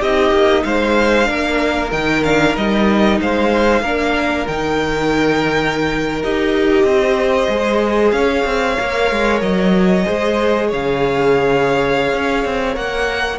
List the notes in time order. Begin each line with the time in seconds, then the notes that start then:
0.00 C4 D#4 G4 D#5
0.32 A#3
0.63 G#3 C5 F5
1.24 A#3 D4 A#4
1.91 D#3 D#4 G5
2.24 D4 F5
2.56 G3 D#4 D#5
3.21 G#3 C5 F5
3.82 A#3 D4 A#4
4.47 D#3 D#4 G5
6.23 D#4 G4 D#5
6.84 C4 C5
7.48 G#3 G#4
8.11 C#4 C#5 F5
8.45 C4
8.77 A#3 A#4
9.11 G#3
9.41 F#3 D#5
10.03 G#3 G#4 C5
10.68 C#3 C#5 F5
12.14 C#4
12.45 C4
12.74 A#3 A#4 F#5